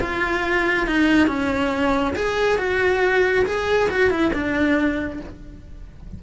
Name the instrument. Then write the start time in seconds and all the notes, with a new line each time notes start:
cello
0.00 F4
0.87 D#4
1.27 C#4
2.15 G#4
2.58 F#4
3.46 G#4
3.89 F#4
4.10 E4
4.33 D4